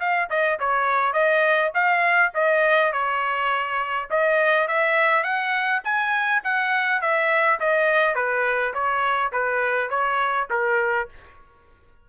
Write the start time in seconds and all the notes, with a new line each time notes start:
0.00 F5
0.30 D#5
0.60 C#5
1.13 D#5
1.74 F5
2.34 D#5
2.93 C#5
4.10 D#5
4.68 E5
5.23 F#5
5.84 G#5
6.44 F#5
7.01 E5
7.60 D#5
8.15 B4
8.74 C#5
9.33 B4
9.90 C#5
10.50 A#4